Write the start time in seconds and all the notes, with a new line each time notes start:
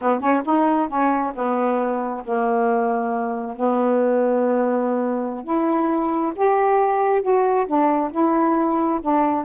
0.01 B3
0.20 C#4
0.45 D#4
0.88 C#4
1.34 B3
2.24 A#3
3.56 B3
5.44 E4
6.35 G4
7.22 F#4
7.66 D4
8.11 E4
9.01 D4